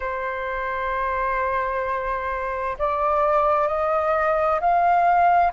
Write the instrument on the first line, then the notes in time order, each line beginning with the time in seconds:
flute
0.00 C5
2.78 D5
3.67 D#5
4.60 F5